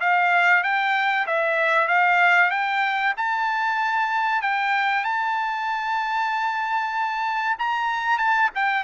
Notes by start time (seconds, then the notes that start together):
0.00 F5
0.63 G5
1.26 E5
1.87 F5
2.50 G5
3.17 A5
4.42 G5
5.04 A5
7.58 A#5
8.18 A5
8.54 G5